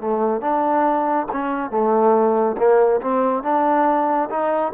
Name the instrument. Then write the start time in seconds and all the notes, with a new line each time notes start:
trombone
0.00 A3
0.41 D4
1.32 C#4
1.71 A3
2.58 A#3
3.01 C4
3.43 D4
4.29 D#4